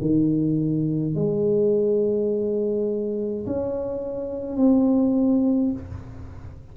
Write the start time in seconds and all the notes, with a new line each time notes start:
0.00 D#3
1.14 G#3
3.46 C#4
4.56 C4